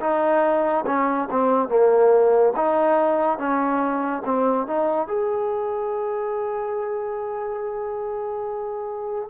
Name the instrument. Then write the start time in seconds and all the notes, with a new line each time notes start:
trombone
0.00 D#4
0.86 C#4
1.30 C4
1.68 A#3
2.56 D#4
3.38 C#4
4.25 C4
4.67 D#4
5.07 G#4